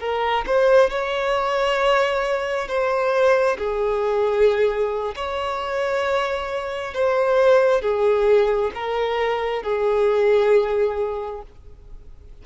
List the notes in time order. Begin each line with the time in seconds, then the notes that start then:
0.00 A#4
0.46 C5
0.90 C#5
2.67 C5
3.58 G#4
5.15 C#5
6.94 C5
7.81 G#4
8.74 A#4
9.63 G#4